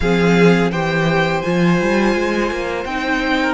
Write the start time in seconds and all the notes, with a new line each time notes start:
0.00 F3 C4 G#4 F5
0.71 E3 G4 C5 G5
1.41 F3 F4 G#5
1.81 G3
2.15 G#3
2.51 A#3
2.85 C4 D#4 G5
3.42 A#4